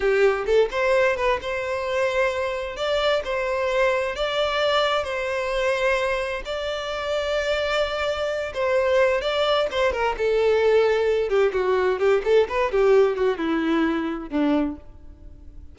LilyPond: \new Staff \with { instrumentName = "violin" } { \time 4/4 \tempo 4 = 130 g'4 a'8 c''4 b'8 c''4~ | c''2 d''4 c''4~ | c''4 d''2 c''4~ | c''2 d''2~ |
d''2~ d''8 c''4. | d''4 c''8 ais'8 a'2~ | a'8 g'8 fis'4 g'8 a'8 b'8 g'8~ | g'8 fis'8 e'2 d'4 | }